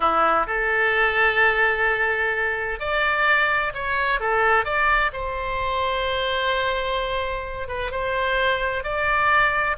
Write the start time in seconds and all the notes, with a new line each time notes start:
0.00 E4
0.47 A4
2.79 D5
3.74 C#5
4.20 A4
4.64 D5
5.12 C5
7.68 B4
7.91 C5
8.83 D5